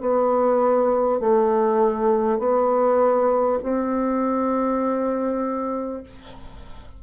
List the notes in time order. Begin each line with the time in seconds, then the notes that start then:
0.00 B3
1.20 A3
2.38 B3
3.63 C4